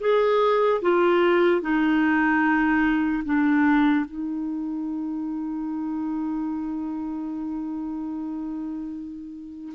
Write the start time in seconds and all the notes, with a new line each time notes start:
0.00 G#4
0.81 F4
1.61 D#4
3.24 D4
4.05 D#4